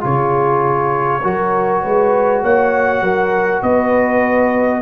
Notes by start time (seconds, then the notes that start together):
0.00 C#3 F4 G#4 C#5
1.23 F#3 F#4 A#4
1.82 G#3 B4
2.43 A#3 C#5 F#5
3.01 F#3 A#4
3.62 B3 B4 D#5